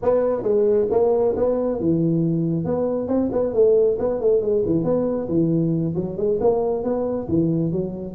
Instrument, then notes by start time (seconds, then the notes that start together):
tuba
0.02 B3
0.43 G#3
0.90 A#3
1.36 B3
1.79 E3
2.64 B3
3.07 C4
3.31 B3
3.53 A3
3.98 B3
4.20 A3
4.41 G#3
4.65 E3
4.83 B3
5.28 E3
5.95 F#3
6.17 G#3
6.40 A#3
6.83 B3
7.28 E3
7.71 F#3